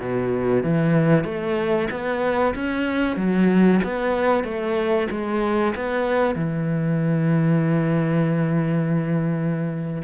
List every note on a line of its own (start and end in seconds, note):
0.00 0.63 B2
0.63 1.24 E3
1.24 1.88 A3
1.90 2.54 B3
2.55 3.17 C#4
3.17 3.80 F#3
3.83 4.44 B3
4.44 5.08 A3
5.11 5.74 G#3
5.75 6.35 B3
6.35 10.02 E3